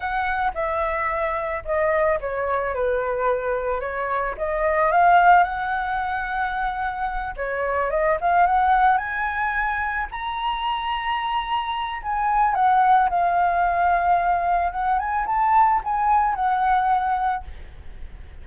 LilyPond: \new Staff \with { instrumentName = "flute" } { \time 4/4 \tempo 4 = 110 fis''4 e''2 dis''4 | cis''4 b'2 cis''4 | dis''4 f''4 fis''2~ | fis''4. cis''4 dis''8 f''8 fis''8~ |
fis''8 gis''2 ais''4.~ | ais''2 gis''4 fis''4 | f''2. fis''8 gis''8 | a''4 gis''4 fis''2 | }